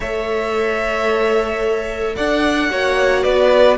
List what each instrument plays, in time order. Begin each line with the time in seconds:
0.00 cello A3, viola A4, violin C#5 E5
2.15 cello D4, violin D5 F#5
2.69 cello A#3, viola F#4, violin C#5
3.23 cello B3, violin B4 D5